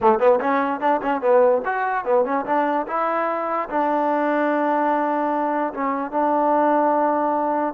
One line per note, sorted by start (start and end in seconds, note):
0.00 0.19 A3
0.19 0.39 B3
0.40 0.80 C#4
0.80 1.01 D4
1.02 1.21 C#4
1.21 1.62 B3
1.65 2.04 F#4
2.04 2.24 B3
2.24 2.45 C#4
2.45 2.86 D4
2.87 3.68 E4
3.69 5.73 D4
5.73 6.11 C#4
6.11 7.74 D4